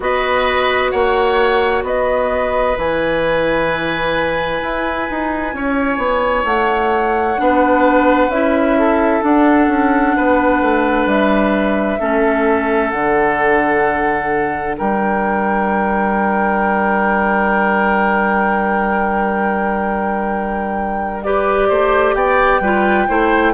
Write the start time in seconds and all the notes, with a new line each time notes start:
0.00 B3 F#4 B4 D#5
0.90 A#3 C#5 F#5
1.82 B3 B4 D#5
2.76 E3 E4 G#5
4.62 E4
5.09 D#4
5.53 C#4 C#5
5.97 B3
6.44 A3 F#5
7.37 B3 D4 B4
8.28 C#4 E4 E5
8.78 A4
9.21 D4 F#5
9.67 C#4
10.16 B3 B4
10.61 A3
11.06 G3 E5
11.99 A3 C#4 A4
12.90 D3 D4 F#5
14.77 G3 A#4 G5
21.22 G4 B4 D5
21.68 A3 C5
22.14 B3 D5 G5
22.60 G3 F4 B4
23.07 A3 E4 C5